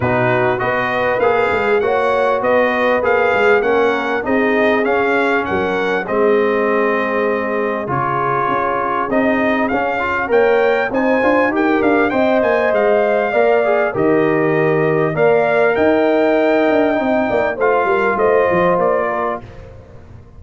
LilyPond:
<<
  \new Staff \with { instrumentName = "trumpet" } { \time 4/4 \tempo 4 = 99 b'4 dis''4 f''4 fis''4 | dis''4 f''4 fis''4 dis''4 | f''4 fis''4 dis''2~ | dis''4 cis''2 dis''4 |
f''4 g''4 gis''4 g''8 f''8 | g''8 gis''8 f''2 dis''4~ | dis''4 f''4 g''2~ | g''4 f''4 dis''4 d''4 | }
  \new Staff \with { instrumentName = "horn" } { \time 4/4 fis'4 b'2 cis''4 | b'2 ais'4 gis'4~ | gis'4 ais'4 gis'2~ | gis'1~ |
gis'4 cis''4 c''4 ais'4 | dis''2 d''4 ais'4~ | ais'4 d''4 dis''2~ | dis''8 d''8 c''8 ais'8 c''4. ais'8 | }
  \new Staff \with { instrumentName = "trombone" } { \time 4/4 dis'4 fis'4 gis'4 fis'4~ | fis'4 gis'4 cis'4 dis'4 | cis'2 c'2~ | c'4 f'2 dis'4 |
cis'8 f'8 ais'4 dis'8 f'8 g'4 | c''2 ais'8 gis'8 g'4~ | g'4 ais'2. | dis'4 f'2. | }
  \new Staff \with { instrumentName = "tuba" } { \time 4/4 b,4 b4 ais8 gis8 ais4 | b4 ais8 gis8 ais4 c'4 | cis'4 fis4 gis2~ | gis4 cis4 cis'4 c'4 |
cis'4 ais4 c'8 d'8 dis'8 d'8 | c'8 ais8 gis4 ais4 dis4~ | dis4 ais4 dis'4. d'8 | c'8 ais8 a8 g8 a8 f8 ais4 | }
>>